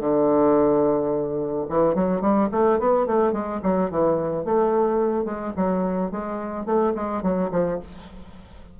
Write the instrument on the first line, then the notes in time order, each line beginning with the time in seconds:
bassoon
0.00 D3
1.69 E3
1.95 F#3
2.21 G3
2.52 A3
2.80 B3
3.07 A3
3.33 G#3
3.63 F#3
3.91 E3
4.45 A3
5.25 G#3
5.57 F#3
6.11 G#3
6.66 A3
6.95 G#3
7.22 F#3
7.52 F3